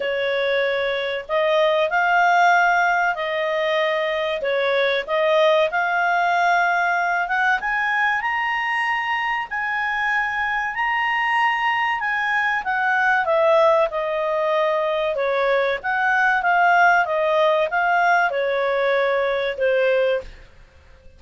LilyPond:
\new Staff \with { instrumentName = "clarinet" } { \time 4/4 \tempo 4 = 95 cis''2 dis''4 f''4~ | f''4 dis''2 cis''4 | dis''4 f''2~ f''8 fis''8 | gis''4 ais''2 gis''4~ |
gis''4 ais''2 gis''4 | fis''4 e''4 dis''2 | cis''4 fis''4 f''4 dis''4 | f''4 cis''2 c''4 | }